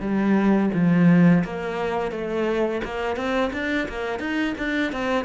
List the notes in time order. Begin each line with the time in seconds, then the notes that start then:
0.00 G3
0.74 F3
1.44 A#3
2.11 A3
2.84 A#3
3.16 C4
3.53 D4
3.88 A#3
4.19 D#4
4.58 D4
4.92 C4